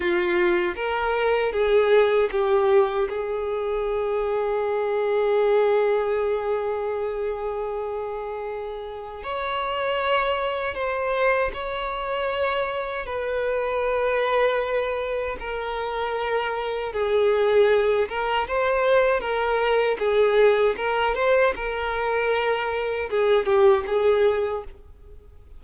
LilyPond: \new Staff \with { instrumentName = "violin" } { \time 4/4 \tempo 4 = 78 f'4 ais'4 gis'4 g'4 | gis'1~ | gis'1 | cis''2 c''4 cis''4~ |
cis''4 b'2. | ais'2 gis'4. ais'8 | c''4 ais'4 gis'4 ais'8 c''8 | ais'2 gis'8 g'8 gis'4 | }